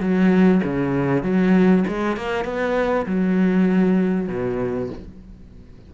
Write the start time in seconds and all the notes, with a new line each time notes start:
0.00 F#3
0.63 C#3
1.23 F#3
1.87 G#3
2.16 A#3
2.44 B3
3.06 F#3
4.28 B2